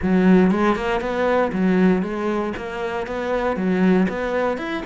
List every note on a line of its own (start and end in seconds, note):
0.02 0.51 F#3
0.51 0.75 G#3
0.75 1.00 A#3
1.00 1.51 B3
1.52 2.02 F#3
2.02 2.53 G#3
2.57 3.06 A#3
3.06 3.56 B3
3.56 4.07 F#3
4.08 4.57 B3
4.57 4.83 E4